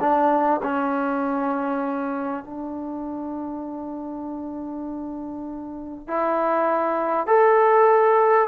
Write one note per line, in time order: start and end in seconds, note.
0.00 0.61 D4
0.63 2.44 C#4
2.44 6.07 D4
6.08 7.27 E4
7.27 8.48 A4